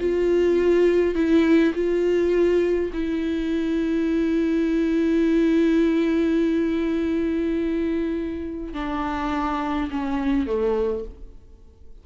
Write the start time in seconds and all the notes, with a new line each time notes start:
0.00 F4
1.15 E4
1.75 F4
2.93 E4
8.74 D4
9.91 C#4
10.47 A3